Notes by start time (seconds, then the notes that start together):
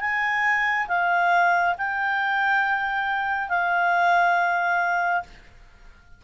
0.00 G#5
0.88 F5
1.77 G5
3.49 F5